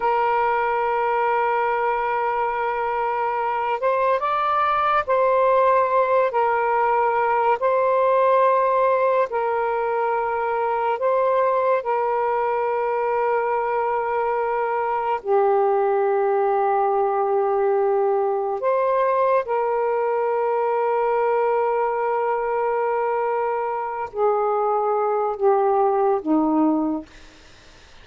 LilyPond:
\new Staff \with { instrumentName = "saxophone" } { \time 4/4 \tempo 4 = 71 ais'1~ | ais'8 c''8 d''4 c''4. ais'8~ | ais'4 c''2 ais'4~ | ais'4 c''4 ais'2~ |
ais'2 g'2~ | g'2 c''4 ais'4~ | ais'1~ | ais'8 gis'4. g'4 dis'4 | }